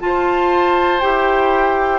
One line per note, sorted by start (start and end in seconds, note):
0.00 1.00 F4
0.00 1.02 F4
0.00 1.00 A5
0.06 1.99 C5
1.00 1.99 E4
1.00 1.99 G4
1.00 1.99 G5